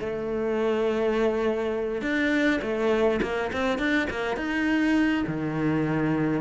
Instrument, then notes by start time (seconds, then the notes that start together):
cello
0.00 A3
2.02 D4
2.62 A3
3.23 A#3
3.53 C4
3.79 D4
4.10 A#3
4.37 D#4
5.27 D#3